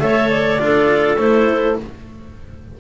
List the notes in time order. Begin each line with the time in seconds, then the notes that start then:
0.00 A3 A4 C#5 E5
0.30 D5
0.59 D4 F4 A4
1.17 A3 E4 C5